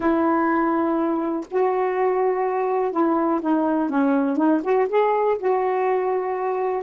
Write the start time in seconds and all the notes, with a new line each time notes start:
0.00 E4
1.51 F#4
2.91 E4
3.41 D#4
3.89 C#4
4.37 D#4
4.63 F#4
4.88 G#4
5.38 F#4